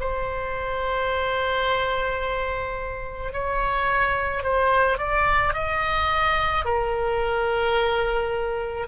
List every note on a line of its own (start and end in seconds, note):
0.00 3.32 C5
3.32 4.43 C#5
4.43 4.98 C5
4.98 5.54 D5
5.54 6.65 D#5
6.65 8.87 A#4